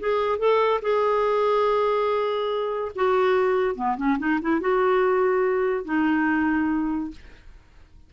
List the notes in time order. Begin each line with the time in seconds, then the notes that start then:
0.00 G#4
0.39 A4
0.82 G#4
2.96 F#4
3.76 B3
3.97 C#4
4.19 D#4
4.42 E4
4.61 F#4
5.85 D#4